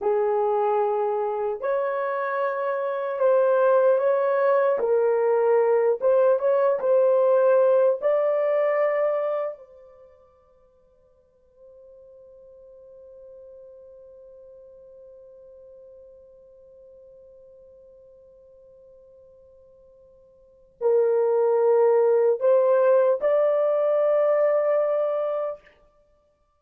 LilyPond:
\new Staff \with { instrumentName = "horn" } { \time 4/4 \tempo 4 = 75 gis'2 cis''2 | c''4 cis''4 ais'4. c''8 | cis''8 c''4. d''2 | c''1~ |
c''1~ | c''1~ | c''2 ais'2 | c''4 d''2. | }